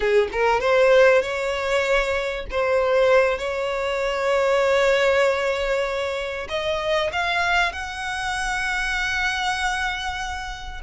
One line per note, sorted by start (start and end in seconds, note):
0.00 0.28 G#4
0.31 0.60 A#4
0.60 1.22 C5
1.22 2.45 C#5
2.50 3.38 C5
3.38 6.47 C#5
6.48 7.10 D#5
7.12 7.72 F5
7.72 10.81 F#5